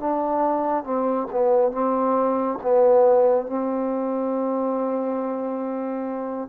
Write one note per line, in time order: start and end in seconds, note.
0.00 0.84 D4
0.84 1.28 C4
1.32 1.72 B3
1.72 2.59 C4
2.63 3.47 B3
3.47 6.49 C4